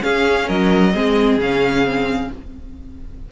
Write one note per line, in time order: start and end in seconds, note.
0.00 0.91 C#4
0.00 0.49 C#4
0.00 0.47 G#4
0.00 0.48 F5
0.47 0.94 F#3
0.47 0.93 A#4
0.47 1.39 D#5
0.93 1.37 G#3
0.93 1.40 C4
0.93 2.29 G#4
1.37 2.28 C#3
1.37 1.85 C#4
1.37 2.32 F5
1.85 2.30 C4